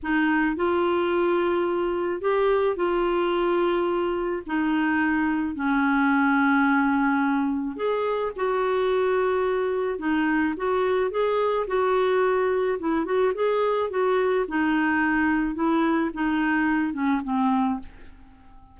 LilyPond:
\new Staff \with { instrumentName = "clarinet" } { \time 4/4 \tempo 4 = 108 dis'4 f'2. | g'4 f'2. | dis'2 cis'2~ | cis'2 gis'4 fis'4~ |
fis'2 dis'4 fis'4 | gis'4 fis'2 e'8 fis'8 | gis'4 fis'4 dis'2 | e'4 dis'4. cis'8 c'4 | }